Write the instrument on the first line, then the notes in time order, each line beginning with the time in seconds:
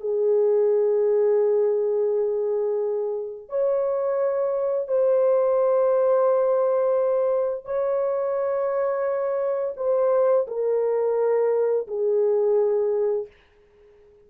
horn
0.00 G#4
3.49 C#5
4.87 C5
7.65 C#5
9.76 C5
10.47 A#4
11.87 G#4